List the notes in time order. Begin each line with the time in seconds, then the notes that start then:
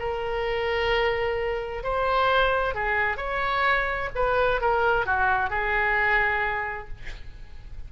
0.00 A#4
1.84 C5
2.75 G#4
3.18 C#5
4.15 B4
4.62 A#4
5.06 F#4
5.50 G#4